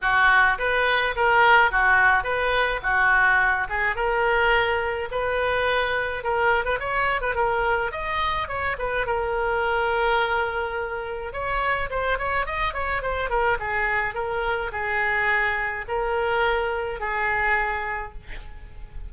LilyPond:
\new Staff \with { instrumentName = "oboe" } { \time 4/4 \tempo 4 = 106 fis'4 b'4 ais'4 fis'4 | b'4 fis'4. gis'8 ais'4~ | ais'4 b'2 ais'8. b'16 | cis''8. b'16 ais'4 dis''4 cis''8 b'8 |
ais'1 | cis''4 c''8 cis''8 dis''8 cis''8 c''8 ais'8 | gis'4 ais'4 gis'2 | ais'2 gis'2 | }